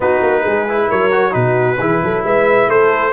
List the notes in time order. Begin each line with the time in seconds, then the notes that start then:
0.00 B3 D#4 F#4 B4
0.21 A#3
0.42 G#3 G#4
0.68 E4
0.88 F#3 A#4 C#5
1.11 F#4
1.31 B2 D#4 F#4 B4
1.78 E3 E4 G#4
2.02 F#3 A4
2.23 G#3 B4 E5
2.67 A3 A4 C5